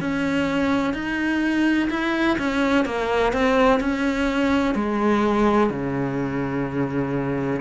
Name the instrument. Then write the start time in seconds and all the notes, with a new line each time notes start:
cello
0.00 C#4
0.94 D#4
1.90 E4
2.38 C#4
2.85 A#3
3.32 C4
3.80 C#4
4.74 G#3
5.70 C#3